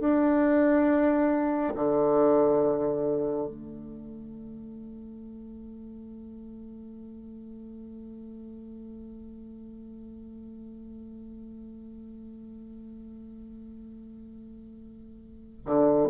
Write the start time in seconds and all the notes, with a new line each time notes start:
0.00 D4
1.76 D3
3.48 A3
15.66 D3